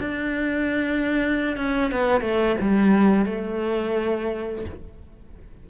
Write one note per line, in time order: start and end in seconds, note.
0.00 1.57 D4
1.57 1.92 C#4
1.92 2.22 B3
2.22 2.57 A3
2.61 3.26 G3
3.26 4.65 A3